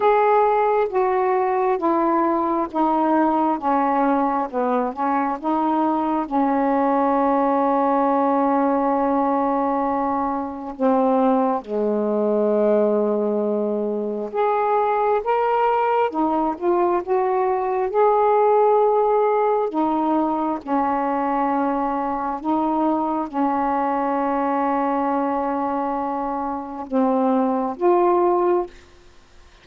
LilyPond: \new Staff \with { instrumentName = "saxophone" } { \time 4/4 \tempo 4 = 67 gis'4 fis'4 e'4 dis'4 | cis'4 b8 cis'8 dis'4 cis'4~ | cis'1 | c'4 gis2. |
gis'4 ais'4 dis'8 f'8 fis'4 | gis'2 dis'4 cis'4~ | cis'4 dis'4 cis'2~ | cis'2 c'4 f'4 | }